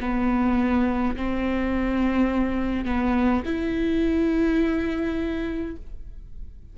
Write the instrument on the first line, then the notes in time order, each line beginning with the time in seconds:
viola
0.00 B3
1.16 C4
2.85 B3
3.45 E4